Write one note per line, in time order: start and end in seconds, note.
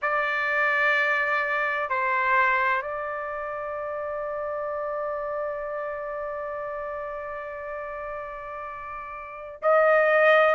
0.02 1.89 D5
1.89 2.81 C5
2.81 9.61 D5
9.61 10.55 D#5